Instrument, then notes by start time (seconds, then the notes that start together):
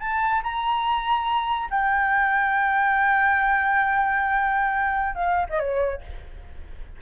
flute
0.00 A5
0.43 A#5
1.70 G5
5.15 F5
5.50 D#5
5.60 C#5